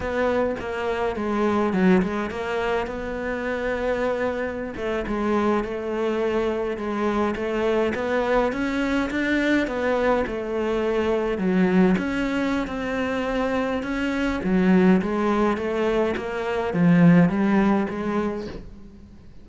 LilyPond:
\new Staff \with { instrumentName = "cello" } { \time 4/4 \tempo 4 = 104 b4 ais4 gis4 fis8 gis8 | ais4 b2.~ | b16 a8 gis4 a2 gis16~ | gis8. a4 b4 cis'4 d'16~ |
d'8. b4 a2 fis16~ | fis8. cis'4~ cis'16 c'2 | cis'4 fis4 gis4 a4 | ais4 f4 g4 gis4 | }